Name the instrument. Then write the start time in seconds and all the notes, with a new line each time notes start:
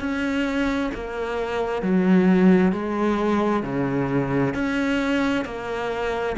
cello
0.00 C#4
0.95 A#3
1.82 F#3
2.72 G#3
3.63 C#3
4.54 C#4
5.45 A#3